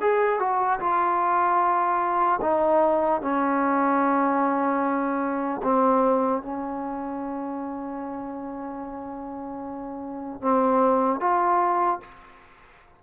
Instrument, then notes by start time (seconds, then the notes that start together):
trombone
0.00 G#4
0.39 F#4
0.79 F4
2.41 D#4
3.21 C#4
5.63 C4
6.42 C#4
10.41 C4
11.20 F4